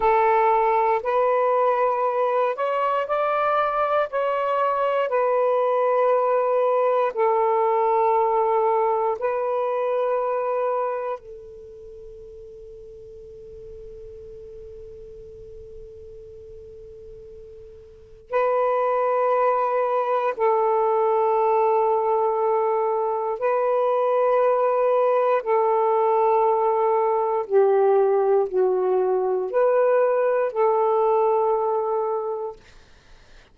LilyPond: \new Staff \with { instrumentName = "saxophone" } { \time 4/4 \tempo 4 = 59 a'4 b'4. cis''8 d''4 | cis''4 b'2 a'4~ | a'4 b'2 a'4~ | a'1~ |
a'2 b'2 | a'2. b'4~ | b'4 a'2 g'4 | fis'4 b'4 a'2 | }